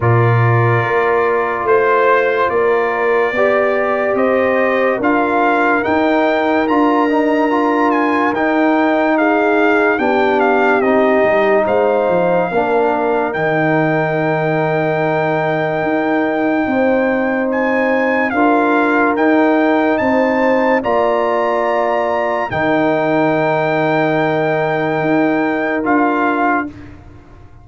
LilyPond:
<<
  \new Staff \with { instrumentName = "trumpet" } { \time 4/4 \tempo 4 = 72 d''2 c''4 d''4~ | d''4 dis''4 f''4 g''4 | ais''4. gis''8 g''4 f''4 | g''8 f''8 dis''4 f''2 |
g''1~ | g''4 gis''4 f''4 g''4 | a''4 ais''2 g''4~ | g''2. f''4 | }
  \new Staff \with { instrumentName = "horn" } { \time 4/4 ais'2 c''4 ais'4 | d''4 c''4 ais'2~ | ais'2. gis'4 | g'2 c''4 ais'4~ |
ais'1 | c''2 ais'2 | c''4 d''2 ais'4~ | ais'1 | }
  \new Staff \with { instrumentName = "trombone" } { \time 4/4 f'1 | g'2 f'4 dis'4 | f'8 dis'8 f'4 dis'2 | d'4 dis'2 d'4 |
dis'1~ | dis'2 f'4 dis'4~ | dis'4 f'2 dis'4~ | dis'2. f'4 | }
  \new Staff \with { instrumentName = "tuba" } { \time 4/4 ais,4 ais4 a4 ais4 | b4 c'4 d'4 dis'4 | d'2 dis'2 | b4 c'8 g8 gis8 f8 ais4 |
dis2. dis'4 | c'2 d'4 dis'4 | c'4 ais2 dis4~ | dis2 dis'4 d'4 | }
>>